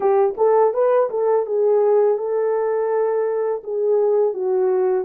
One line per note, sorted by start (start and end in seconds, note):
0.00 0.35 G4
0.37 0.73 A4
0.73 1.09 B4
1.10 1.46 A4
1.46 2.18 G#4
2.18 3.62 A4
3.63 4.33 G#4
4.33 5.04 F#4